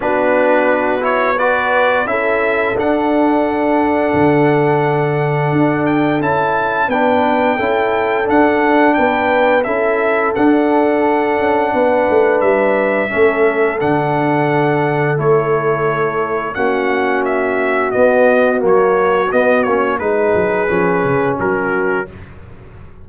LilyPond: <<
  \new Staff \with { instrumentName = "trumpet" } { \time 4/4 \tempo 4 = 87 b'4. cis''8 d''4 e''4 | fis''1~ | fis''8 g''8 a''4 g''2 | fis''4 g''4 e''4 fis''4~ |
fis''2 e''2 | fis''2 cis''2 | fis''4 e''4 dis''4 cis''4 | dis''8 cis''8 b'2 ais'4 | }
  \new Staff \with { instrumentName = "horn" } { \time 4/4 fis'2 b'4 a'4~ | a'1~ | a'2 b'4 a'4~ | a'4 b'4 a'2~ |
a'4 b'2 a'4~ | a'1 | fis'1~ | fis'4 gis'2 fis'4 | }
  \new Staff \with { instrumentName = "trombone" } { \time 4/4 d'4. e'8 fis'4 e'4 | d'1~ | d'4 e'4 d'4 e'4 | d'2 e'4 d'4~ |
d'2. cis'4 | d'2 e'2 | cis'2 b4 ais4 | b8 cis'8 dis'4 cis'2 | }
  \new Staff \with { instrumentName = "tuba" } { \time 4/4 b2. cis'4 | d'2 d2 | d'4 cis'4 b4 cis'4 | d'4 b4 cis'4 d'4~ |
d'8 cis'8 b8 a8 g4 a4 | d2 a2 | ais2 b4 fis4 | b8 ais8 gis8 fis8 f8 cis8 fis4 | }
>>